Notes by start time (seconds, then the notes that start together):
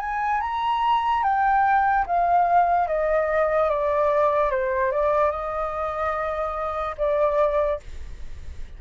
0.00 G#5
0.41 A#5
1.23 G5
2.07 F5
2.88 D#5
3.70 D5
4.51 C5
4.92 D5
5.31 D#5
6.98 D5